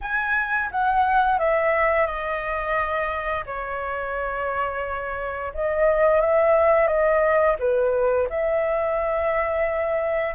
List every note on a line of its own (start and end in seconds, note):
0.01 0.70 G#5
0.71 1.38 F#5
1.38 2.06 E5
2.06 3.44 D#5
3.45 5.52 C#5
5.54 6.20 D#5
6.20 6.87 E5
6.87 7.55 D#5
7.59 8.28 B4
8.29 10.34 E5